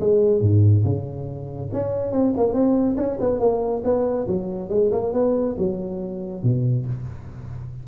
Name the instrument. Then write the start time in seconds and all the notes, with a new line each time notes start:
tuba
0.00 G#3
0.41 G#2
0.84 C#3
1.73 C#4
2.12 C4
2.37 A#3
2.53 C4
2.97 C#4
3.20 B3
3.39 A#3
3.84 B3
4.27 F#3
4.69 G#3
4.91 A#3
5.13 B3
5.58 F#3
6.43 B2